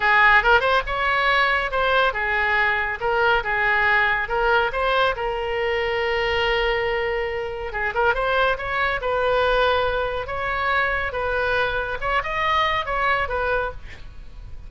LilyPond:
\new Staff \with { instrumentName = "oboe" } { \time 4/4 \tempo 4 = 140 gis'4 ais'8 c''8 cis''2 | c''4 gis'2 ais'4 | gis'2 ais'4 c''4 | ais'1~ |
ais'2 gis'8 ais'8 c''4 | cis''4 b'2. | cis''2 b'2 | cis''8 dis''4. cis''4 b'4 | }